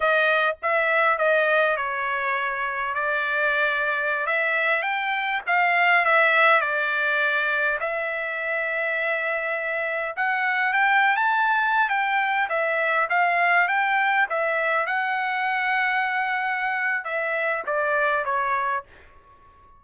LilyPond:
\new Staff \with { instrumentName = "trumpet" } { \time 4/4 \tempo 4 = 102 dis''4 e''4 dis''4 cis''4~ | cis''4 d''2~ d''16 e''8.~ | e''16 g''4 f''4 e''4 d''8.~ | d''4~ d''16 e''2~ e''8.~ |
e''4~ e''16 fis''4 g''8. a''4~ | a''16 g''4 e''4 f''4 g''8.~ | g''16 e''4 fis''2~ fis''8.~ | fis''4 e''4 d''4 cis''4 | }